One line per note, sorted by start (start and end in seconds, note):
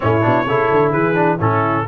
0.00 0.25 A2
0.00 0.21 C#4
0.00 0.47 E4
0.00 0.91 C#5
0.22 0.44 B2
0.22 0.45 D4
0.44 0.68 C#3
0.44 1.14 E4
0.44 0.90 A4
0.71 0.93 D3
0.90 1.39 E3
0.90 1.37 G#4
0.90 1.38 B4
1.14 1.38 D4
1.38 1.86 A2
1.38 1.86 C#4
1.38 1.84 E4
1.38 1.87 A4